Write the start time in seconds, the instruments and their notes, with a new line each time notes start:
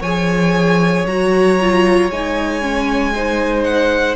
0.00 cello F3, viola G#4, violin C#5 G#5
1.06 cello F#3, viola F#4, violin A#5
1.60 viola F4
2.09 cello G#3, viola D#4, violin G#5
2.61 viola C#4
3.15 viola D#4, violin C5
3.64 violin F#5